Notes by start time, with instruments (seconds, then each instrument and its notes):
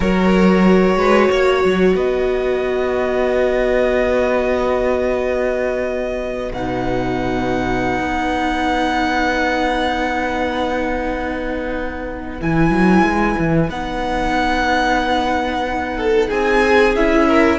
0.00 cello F#3, viola F#4, violin A#4 C#5
0.96 cello G#3, violin B4
1.30 cello A#3, violin C#5
1.64 cello F#3
1.94 cello B3, violin B4 D#5
6.52 cello B2, viola D#4, violin F#5
8.00 cello B3
12.39 cello E3, viola E4, violin G#5
12.70 cello F#3
13.02 cello G#3
13.38 cello E3
13.69 cello B3, viola D#4, violin F#5
15.97 violin A4
16.28 cello C4, violin G#4 G#5
16.95 cello C#4, viola E4, violin E5
17.27 violin A#4